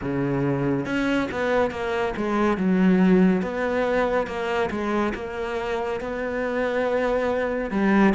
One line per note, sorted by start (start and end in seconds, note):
0.01 0.85 C#3
0.85 1.28 C#4
1.31 1.71 B3
1.71 2.14 A#3
2.16 2.57 G#3
2.57 3.41 F#3
3.41 4.26 B3
4.26 4.69 A#3
4.70 5.13 G#3
5.14 6.00 A#3
6.00 7.70 B3
7.70 8.13 G3